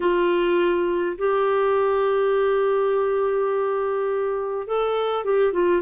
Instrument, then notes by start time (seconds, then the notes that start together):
clarinet
0.00 F4
1.18 G4
4.67 A4
5.24 G4
5.52 F4